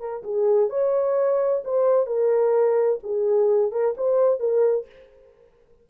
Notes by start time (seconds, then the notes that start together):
0.00 A#4
0.24 G#4
0.70 C#5
1.65 C5
2.06 A#4
3.03 G#4
3.72 A#4
3.97 C5
4.40 A#4